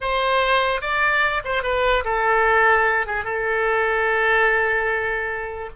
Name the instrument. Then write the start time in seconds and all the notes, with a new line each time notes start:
oboe
0.00 C5
0.81 D5
1.44 C5
1.63 B4
2.04 A4
3.06 G#4
3.24 A4